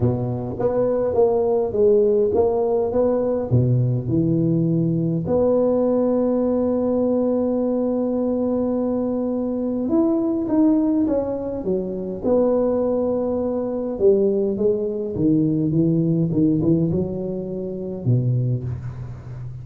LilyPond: \new Staff \with { instrumentName = "tuba" } { \time 4/4 \tempo 4 = 103 b,4 b4 ais4 gis4 | ais4 b4 b,4 e4~ | e4 b2.~ | b1~ |
b4 e'4 dis'4 cis'4 | fis4 b2. | g4 gis4 dis4 e4 | dis8 e8 fis2 b,4 | }